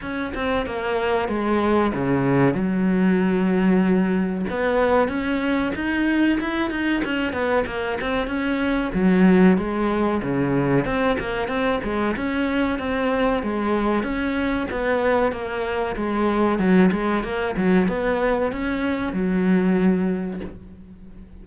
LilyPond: \new Staff \with { instrumentName = "cello" } { \time 4/4 \tempo 4 = 94 cis'8 c'8 ais4 gis4 cis4 | fis2. b4 | cis'4 dis'4 e'8 dis'8 cis'8 b8 | ais8 c'8 cis'4 fis4 gis4 |
cis4 c'8 ais8 c'8 gis8 cis'4 | c'4 gis4 cis'4 b4 | ais4 gis4 fis8 gis8 ais8 fis8 | b4 cis'4 fis2 | }